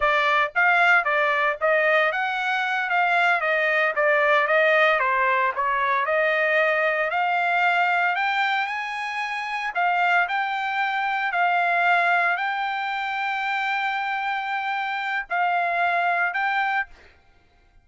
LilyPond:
\new Staff \with { instrumentName = "trumpet" } { \time 4/4 \tempo 4 = 114 d''4 f''4 d''4 dis''4 | fis''4. f''4 dis''4 d''8~ | d''8 dis''4 c''4 cis''4 dis''8~ | dis''4. f''2 g''8~ |
g''8 gis''2 f''4 g''8~ | g''4. f''2 g''8~ | g''1~ | g''4 f''2 g''4 | }